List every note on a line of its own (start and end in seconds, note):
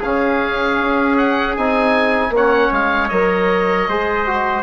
0.00 0.80 C#3
0.00 1.57 C#4
0.00 2.31 G#4
0.00 1.18 F5
0.80 1.57 C#4
1.18 1.56 F#5
1.57 2.30 C4
1.57 2.34 D#4
1.57 2.34 G#5
2.30 2.69 A#3
2.30 3.11 C#4
2.30 3.89 C#5
2.37 2.74 F#5
2.72 3.11 G#3
2.72 3.09 F5
3.09 3.88 F#3
3.09 3.88 A#4
3.09 4.62 D#5
3.88 4.64 G#3
3.88 4.27 G#4
3.88 4.64 C5
4.27 4.64 F#4